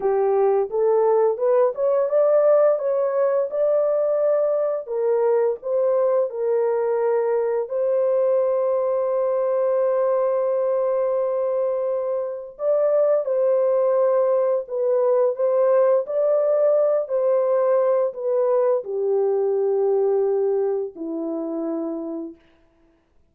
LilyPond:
\new Staff \with { instrumentName = "horn" } { \time 4/4 \tempo 4 = 86 g'4 a'4 b'8 cis''8 d''4 | cis''4 d''2 ais'4 | c''4 ais'2 c''4~ | c''1~ |
c''2 d''4 c''4~ | c''4 b'4 c''4 d''4~ | d''8 c''4. b'4 g'4~ | g'2 e'2 | }